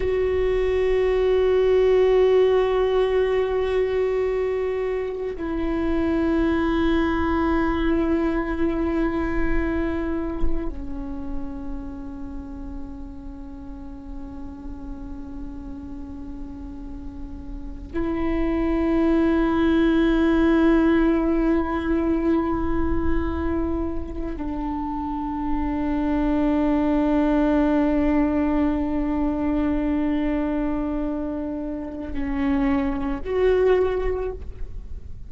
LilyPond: \new Staff \with { instrumentName = "viola" } { \time 4/4 \tempo 4 = 56 fis'1~ | fis'4 e'2.~ | e'2 cis'2~ | cis'1~ |
cis'8. e'2.~ e'16~ | e'2~ e'8. d'4~ d'16~ | d'1~ | d'2 cis'4 fis'4 | }